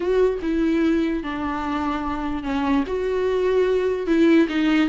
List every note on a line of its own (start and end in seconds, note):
0.00 0.39 F#4
0.42 1.23 E4
1.23 2.43 D4
2.43 2.84 C#4
2.86 4.06 F#4
4.06 4.47 E4
4.48 4.89 D#4